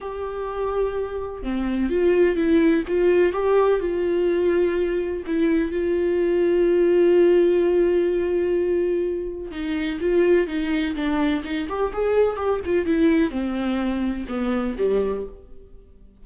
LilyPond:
\new Staff \with { instrumentName = "viola" } { \time 4/4 \tempo 4 = 126 g'2. c'4 | f'4 e'4 f'4 g'4 | f'2. e'4 | f'1~ |
f'1 | dis'4 f'4 dis'4 d'4 | dis'8 g'8 gis'4 g'8 f'8 e'4 | c'2 b4 g4 | }